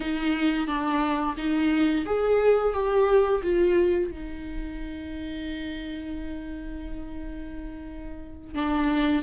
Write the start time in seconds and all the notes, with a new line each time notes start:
0.00 D#4
0.67 D4
1.37 D#4
2.05 G#4
2.73 G4
3.42 F4
4.11 D#4
8.54 D4